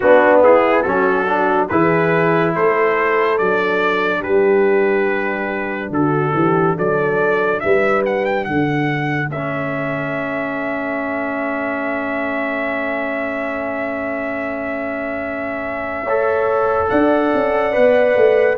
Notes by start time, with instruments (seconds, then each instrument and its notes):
0.00 tuba B3, trombone B3, horn D4, trumpet F#4
0.43 horn E4, trumpet G#4
0.82 tuba F#3, trombone C#4, horn F#4, trumpet A4
1.26 trombone D4
1.68 tuba E3, trombone E4, horn G#4, trumpet B4
2.55 tuba A3, horn A4, trumpet C5
3.37 tuba F#3, trombone D4, trumpet D5
4.19 tuba G3, horn G4, trumpet B4
5.90 tuba D3, horn F#4, trumpet A4
6.33 tuba E3, horn G4
6.76 tuba F#3, horn A4, trumpet D5
7.60 tuba G3, horn B4, trumpet E5
8.05 trumpet F#5
8.25 trumpet G5
8.44 tuba D3, horn A4, trumpet F#5
9.27 tuba A3, trombone C#4, trumpet E5
16.03 trombone A4, horn C#5
16.89 tuba D4, horn D5, trumpet F#5
17.34 tuba C#4
17.72 tuba B3, trombone B4
18.15 tuba A3